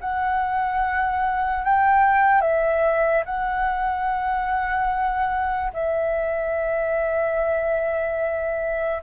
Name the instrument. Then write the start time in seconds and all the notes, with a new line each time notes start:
flute
0.00 F#5
1.64 G5
2.41 E5
3.25 F#5
5.73 E5